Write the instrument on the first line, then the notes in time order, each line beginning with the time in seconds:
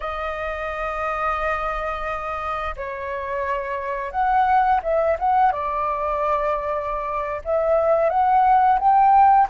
flute
0.00 D#5
2.76 C#5
4.11 F#5
4.82 E5
5.19 F#5
5.52 D5
7.44 E5
8.09 F#5
8.79 G5